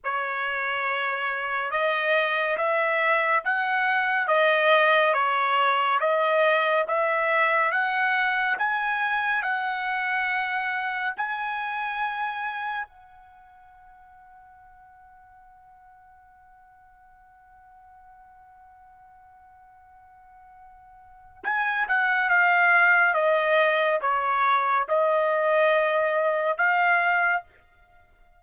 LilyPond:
\new Staff \with { instrumentName = "trumpet" } { \time 4/4 \tempo 4 = 70 cis''2 dis''4 e''4 | fis''4 dis''4 cis''4 dis''4 | e''4 fis''4 gis''4 fis''4~ | fis''4 gis''2 fis''4~ |
fis''1~ | fis''1~ | fis''4 gis''8 fis''8 f''4 dis''4 | cis''4 dis''2 f''4 | }